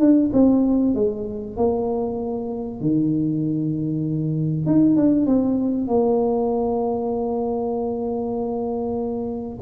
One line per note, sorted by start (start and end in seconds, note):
0.00 0.31 D4
0.33 0.95 C4
0.95 1.57 G#3
1.57 2.81 A#3
2.81 4.66 D#3
4.66 4.97 D#4
4.97 5.26 D4
5.26 5.88 C4
5.88 9.59 A#3